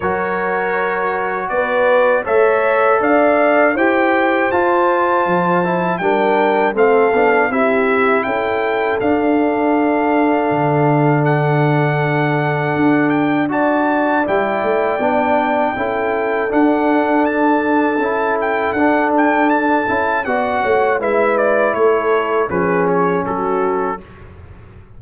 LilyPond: <<
  \new Staff \with { instrumentName = "trumpet" } { \time 4/4 \tempo 4 = 80 cis''2 d''4 e''4 | f''4 g''4 a''2 | g''4 f''4 e''4 g''4 | f''2. fis''4~ |
fis''4. g''8 a''4 g''4~ | g''2 fis''4 a''4~ | a''8 g''8 fis''8 g''8 a''4 fis''4 | e''8 d''8 cis''4 b'8 cis''8 a'4 | }
  \new Staff \with { instrumentName = "horn" } { \time 4/4 ais'2 b'4 cis''4 | d''4 c''2. | ais'4 a'4 g'4 a'4~ | a'1~ |
a'2 d''2~ | d''4 a'2.~ | a'2. d''8 cis''8 | b'4 a'4 gis'4 fis'4 | }
  \new Staff \with { instrumentName = "trombone" } { \time 4/4 fis'2. a'4~ | a'4 g'4 f'4. e'8 | d'4 c'8 d'8 e'2 | d'1~ |
d'2 fis'4 e'4 | d'4 e'4 d'2 | e'4 d'4. e'8 fis'4 | e'2 cis'2 | }
  \new Staff \with { instrumentName = "tuba" } { \time 4/4 fis2 b4 a4 | d'4 e'4 f'4 f4 | g4 a8 b8 c'4 cis'4 | d'2 d2~ |
d4 d'2 g8 a8 | b4 cis'4 d'2 | cis'4 d'4. cis'8 b8 a8 | gis4 a4 f4 fis4 | }
>>